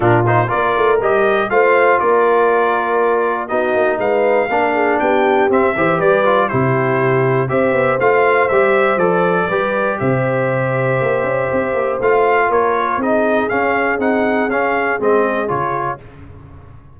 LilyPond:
<<
  \new Staff \with { instrumentName = "trumpet" } { \time 4/4 \tempo 4 = 120 ais'8 c''8 d''4 dis''4 f''4 | d''2. dis''4 | f''2 g''4 e''4 | d''4 c''2 e''4 |
f''4 e''4 d''2 | e''1 | f''4 cis''4 dis''4 f''4 | fis''4 f''4 dis''4 cis''4 | }
  \new Staff \with { instrumentName = "horn" } { \time 4/4 f'4 ais'2 c''4 | ais'2. fis'4 | b'4 ais'8 gis'8 g'4. c''8 | b'4 g'2 c''4~ |
c''2. b'4 | c''1~ | c''4 ais'4 gis'2~ | gis'1 | }
  \new Staff \with { instrumentName = "trombone" } { \time 4/4 d'8 dis'8 f'4 g'4 f'4~ | f'2. dis'4~ | dis'4 d'2 c'8 g'8~ | g'8 f'8 e'2 g'4 |
f'4 g'4 a'4 g'4~ | g'1 | f'2 dis'4 cis'4 | dis'4 cis'4 c'4 f'4 | }
  \new Staff \with { instrumentName = "tuba" } { \time 4/4 ais,4 ais8 a8 g4 a4 | ais2. b8 ais8 | gis4 ais4 b4 c'8 e8 | g4 c2 c'8 b8 |
a4 g4 f4 g4 | c2 ais8 cis'8 c'8 ais8 | a4 ais4 c'4 cis'4 | c'4 cis'4 gis4 cis4 | }
>>